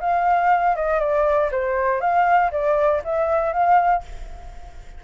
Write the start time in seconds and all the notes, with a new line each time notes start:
0.00 F5
0.75 D#5
0.99 D5
1.51 C5
2.00 F5
2.51 D5
3.04 E5
3.52 F5